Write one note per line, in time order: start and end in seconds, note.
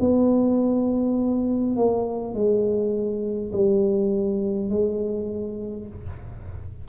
0.00 1.76 B3
1.76 2.34 A#3
2.34 3.52 G#3
3.52 4.70 G3
4.70 5.87 G#3